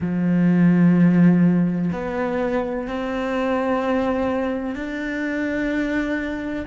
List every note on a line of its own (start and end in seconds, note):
0.00 1.91 F3
1.92 2.87 B3
2.87 4.75 C4
4.75 6.65 D4